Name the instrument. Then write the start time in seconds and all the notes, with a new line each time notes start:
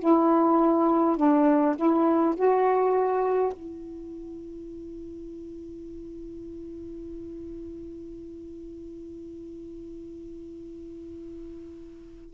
saxophone
0.00 E4
1.17 D4
1.76 E4
2.36 F#4
3.53 E4